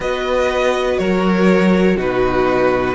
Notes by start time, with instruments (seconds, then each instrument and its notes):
0.00 cello B3, viola F#4, violin B4 D#5
0.98 cello F#3, violin A#4 C#5
1.96 cello B2, viola D#4, violin F#4 B4